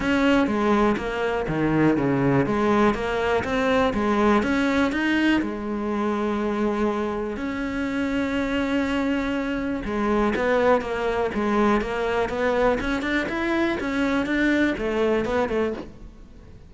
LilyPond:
\new Staff \with { instrumentName = "cello" } { \time 4/4 \tempo 4 = 122 cis'4 gis4 ais4 dis4 | cis4 gis4 ais4 c'4 | gis4 cis'4 dis'4 gis4~ | gis2. cis'4~ |
cis'1 | gis4 b4 ais4 gis4 | ais4 b4 cis'8 d'8 e'4 | cis'4 d'4 a4 b8 a8 | }